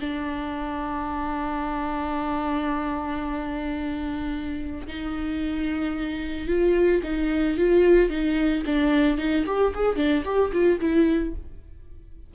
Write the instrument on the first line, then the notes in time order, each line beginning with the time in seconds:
viola
0.00 D4
4.87 D#4
6.47 F4
7.03 D#4
7.57 F4
8.09 D#4
8.66 D4
9.17 D#4
9.46 G4
9.74 G#4
9.96 D4
10.24 G4
10.52 F4
10.80 E4